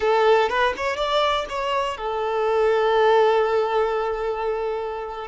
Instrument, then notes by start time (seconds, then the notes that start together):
violin
0.00 A4
0.49 B4
0.76 C#5
0.96 D5
1.49 C#5
1.97 A4